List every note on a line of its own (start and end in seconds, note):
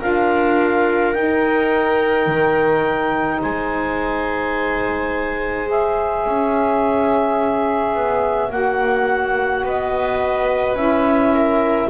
0.00 1.15 D4
0.00 1.14 F4
0.00 3.40 A#4
0.00 1.13 F5
1.13 5.66 D#4
1.13 2.27 D#4
1.13 3.40 G5
2.27 3.40 D#3
3.42 6.26 G#3
3.42 6.25 C5
3.42 5.70 G#5
5.66 8.49 G#4
5.66 8.52 E5
6.25 7.95 C#4
6.25 9.64 C#5
7.95 8.50 B3
8.50 9.63 A#3
8.50 10.76 F#4
8.50 9.65 F#5
9.64 10.74 B3
9.64 11.34 B4
9.64 10.77 D#5
10.74 11.87 C#4
10.74 11.89 E4
10.74 11.90 E5
11.34 11.90 A#4